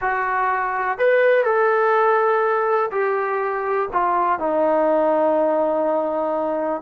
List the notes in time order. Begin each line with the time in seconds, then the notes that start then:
0.01 F#4
0.98 B4
1.44 A4
2.91 G4
3.92 F4
4.39 D#4